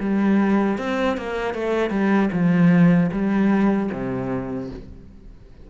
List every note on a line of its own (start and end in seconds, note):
0.00 0.78 G3
0.78 1.17 C4
1.17 1.54 A#3
1.54 1.90 A3
1.90 2.29 G3
2.32 3.10 F3
3.12 3.90 G3
3.92 4.70 C3